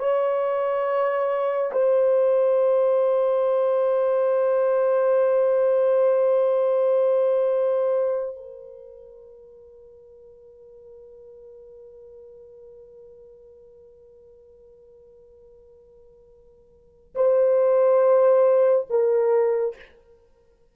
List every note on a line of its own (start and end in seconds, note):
0.00 1.71 C#5
1.73 8.36 C5
8.36 17.15 A#4
17.15 18.87 C5
18.90 19.76 A#4